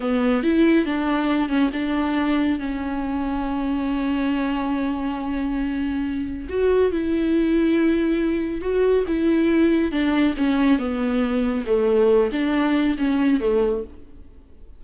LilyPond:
\new Staff \with { instrumentName = "viola" } { \time 4/4 \tempo 4 = 139 b4 e'4 d'4. cis'8 | d'2 cis'2~ | cis'1~ | cis'2. fis'4 |
e'1 | fis'4 e'2 d'4 | cis'4 b2 a4~ | a8 d'4. cis'4 a4 | }